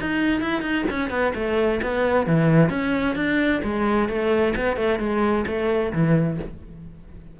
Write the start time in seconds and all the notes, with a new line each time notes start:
0.00 D#4
0.41 E4
0.61 D#4
0.90 C#4
1.10 B3
1.34 A3
1.82 B3
2.26 E3
2.69 C#4
3.15 D4
3.63 G#3
4.08 A3
4.56 B3
4.76 A3
4.99 G#3
5.46 A3
5.93 E3